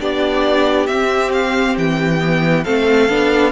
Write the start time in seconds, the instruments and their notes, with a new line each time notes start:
0.00 cello B3, viola D4, violin G4 D5
0.87 cello C4, viola C4, violin E5
1.33 violin F5
1.77 cello E3, violin G5
2.20 viola B3
2.64 cello A3, viola C4, violin A4 F5
3.09 cello B3, viola D4